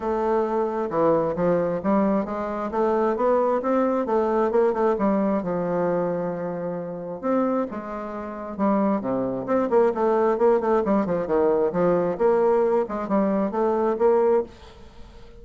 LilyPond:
\new Staff \with { instrumentName = "bassoon" } { \time 4/4 \tempo 4 = 133 a2 e4 f4 | g4 gis4 a4 b4 | c'4 a4 ais8 a8 g4 | f1 |
c'4 gis2 g4 | c4 c'8 ais8 a4 ais8 a8 | g8 f8 dis4 f4 ais4~ | ais8 gis8 g4 a4 ais4 | }